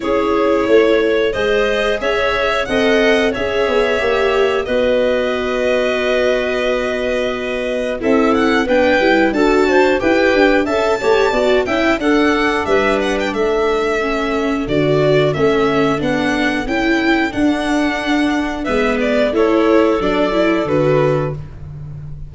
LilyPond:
<<
  \new Staff \with { instrumentName = "violin" } { \time 4/4 \tempo 4 = 90 cis''2 dis''4 e''4 | fis''4 e''2 dis''4~ | dis''1 | e''8 fis''8 g''4 a''4 g''4 |
a''4. g''8 fis''4 e''8 fis''16 g''16 | e''2 d''4 e''4 | fis''4 g''4 fis''2 | e''8 d''8 cis''4 d''4 b'4 | }
  \new Staff \with { instrumentName = "clarinet" } { \time 4/4 gis'4 cis''4 c''4 cis''4 | dis''4 cis''2 b'4~ | b'1 | a'4 b'4 a'8 c''8 b'4 |
e''8 cis''8 d''8 e''8 a'4 b'4 | a'1~ | a'1 | b'4 a'2. | }
  \new Staff \with { instrumentName = "viola" } { \time 4/4 e'2 gis'2 | a'4 gis'4 g'4 fis'4~ | fis'1 | e'4 d'8 e'8 fis'4 g'4 |
a'8 g'8 fis'8 e'8 d'2~ | d'4 cis'4 fis'4 cis'4 | d'4 e'4 d'2 | b4 e'4 d'8 e'8 fis'4 | }
  \new Staff \with { instrumentName = "tuba" } { \time 4/4 cis'4 a4 gis4 cis'4 | c'4 cis'8 b8 ais4 b4~ | b1 | c'4 b8 g8 d'4 e'8 d'8 |
cis'8 a8 b8 cis'8 d'4 g4 | a2 d4 a4 | b4 cis'4 d'2 | gis4 a4 fis4 d4 | }
>>